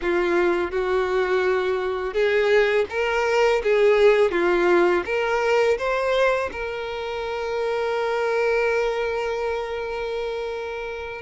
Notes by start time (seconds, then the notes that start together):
0.01 F4
0.71 F#4
2.13 G#4
2.89 A#4
3.63 G#4
4.31 F4
5.05 A#4
5.77 C5
6.52 A#4